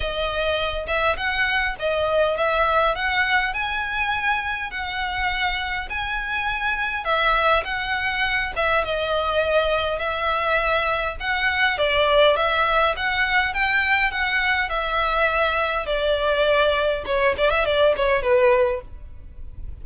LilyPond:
\new Staff \with { instrumentName = "violin" } { \time 4/4 \tempo 4 = 102 dis''4. e''8 fis''4 dis''4 | e''4 fis''4 gis''2 | fis''2 gis''2 | e''4 fis''4. e''8 dis''4~ |
dis''4 e''2 fis''4 | d''4 e''4 fis''4 g''4 | fis''4 e''2 d''4~ | d''4 cis''8 d''16 e''16 d''8 cis''8 b'4 | }